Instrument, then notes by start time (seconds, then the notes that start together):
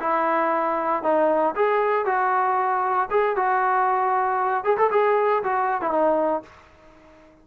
trombone
0.00 E4
1.03 D#4
1.56 G#4
2.06 F#4
3.11 G#4
3.36 F#4
4.64 G#4
4.78 A4
4.91 G#4
5.44 F#4
5.81 E4
5.91 D#4